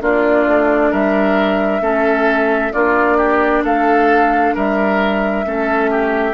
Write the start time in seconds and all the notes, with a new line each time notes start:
0.00 A#3 D4 F4 D5
0.47 A3
0.90 G3 A#4 E5
1.81 A3 C#4 A4
2.73 A#3 D4 F4 D5
3.17 G4
3.64 A3 A4 F5
4.54 G3 A#4 E5
5.45 A3 C#4 A4
5.91 G4